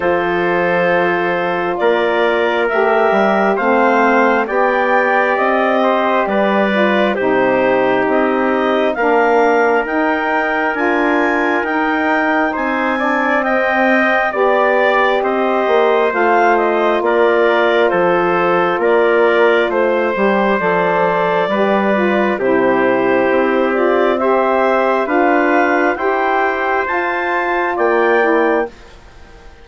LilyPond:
<<
  \new Staff \with { instrumentName = "clarinet" } { \time 4/4 \tempo 4 = 67 c''2 d''4 e''4 | f''4 g''4 dis''4 d''4 | c''4 dis''4 f''4 g''4 | gis''4 g''4 gis''4 g''4 |
d''4 dis''4 f''8 dis''8 d''4 | c''4 d''4 c''4 d''4~ | d''4 c''4. d''8 e''4 | f''4 g''4 a''4 g''4 | }
  \new Staff \with { instrumentName = "trumpet" } { \time 4/4 a'2 ais'2 | c''4 d''4. c''8 b'4 | g'2 ais'2~ | ais'2 c''8 d''8 dis''4 |
d''4 c''2 ais'4 | a'4 ais'4 c''2 | b'4 g'2 c''4 | b'4 c''2 d''4 | }
  \new Staff \with { instrumentName = "saxophone" } { \time 4/4 f'2. g'4 | c'4 g'2~ g'8 f'8 | dis'2 d'4 dis'4 | f'4 dis'4. d'8 c'4 |
g'2 f'2~ | f'2~ f'8 g'8 a'4 | g'8 f'8 e'4. f'8 g'4 | f'4 g'4 f'4. e'8 | }
  \new Staff \with { instrumentName = "bassoon" } { \time 4/4 f2 ais4 a8 g8 | a4 b4 c'4 g4 | c4 c'4 ais4 dis'4 | d'4 dis'4 c'2 |
b4 c'8 ais8 a4 ais4 | f4 ais4 a8 g8 f4 | g4 c4 c'2 | d'4 e'4 f'4 ais4 | }
>>